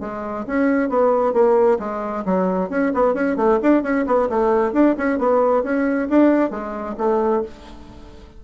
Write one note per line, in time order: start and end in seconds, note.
0.00 0.45 G#3
0.47 0.89 C#4
0.89 1.33 B3
1.33 1.78 A#3
1.79 2.24 G#3
2.25 2.70 F#3
2.70 2.92 C#4
2.94 3.14 B3
3.14 3.36 C#4
3.36 3.59 A3
3.62 3.83 D4
3.83 4.05 C#4
4.06 4.29 B3
4.29 4.73 A3
4.73 4.95 D4
4.98 5.18 C#4
5.18 5.63 B3
5.63 6.08 C#4
6.09 6.50 D4
6.50 6.96 G#3
6.98 7.43 A3